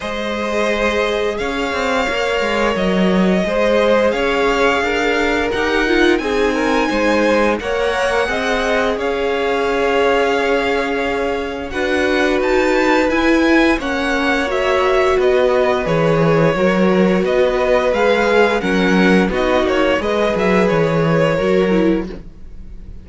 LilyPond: <<
  \new Staff \with { instrumentName = "violin" } { \time 4/4 \tempo 4 = 87 dis''2 f''2 | dis''2 f''2 | fis''4 gis''2 fis''4~ | fis''4 f''2.~ |
f''4 fis''4 a''4 gis''4 | fis''4 e''4 dis''4 cis''4~ | cis''4 dis''4 f''4 fis''4 | dis''8 cis''8 dis''8 e''8 cis''2 | }
  \new Staff \with { instrumentName = "violin" } { \time 4/4 c''2 cis''2~ | cis''4 c''4 cis''4 ais'4~ | ais'4 gis'8 ais'8 c''4 cis''4 | dis''4 cis''2.~ |
cis''4 b'2. | cis''2 b'2 | ais'4 b'2 ais'4 | fis'4 b'2 ais'4 | }
  \new Staff \with { instrumentName = "viola" } { \time 4/4 gis'2. ais'4~ | ais'4 gis'2. | g'8 f'8 dis'2 ais'4 | gis'1~ |
gis'4 fis'2 e'4 | cis'4 fis'2 gis'4 | fis'2 gis'4 cis'4 | dis'4 gis'2 fis'8 e'8 | }
  \new Staff \with { instrumentName = "cello" } { \time 4/4 gis2 cis'8 c'8 ais8 gis8 | fis4 gis4 cis'4 d'4 | dis'4 c'4 gis4 ais4 | c'4 cis'2.~ |
cis'4 d'4 dis'4 e'4 | ais2 b4 e4 | fis4 b4 gis4 fis4 | b8 ais8 gis8 fis8 e4 fis4 | }
>>